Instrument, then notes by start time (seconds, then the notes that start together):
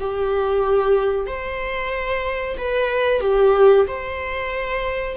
viola
0.00 G4
1.27 C5
2.58 B4
3.21 G4
3.87 C5